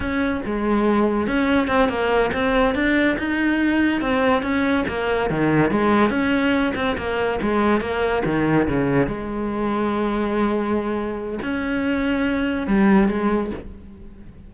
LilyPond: \new Staff \with { instrumentName = "cello" } { \time 4/4 \tempo 4 = 142 cis'4 gis2 cis'4 | c'8 ais4 c'4 d'4 dis'8~ | dis'4. c'4 cis'4 ais8~ | ais8 dis4 gis4 cis'4. |
c'8 ais4 gis4 ais4 dis8~ | dis8 cis4 gis2~ gis8~ | gis2. cis'4~ | cis'2 g4 gis4 | }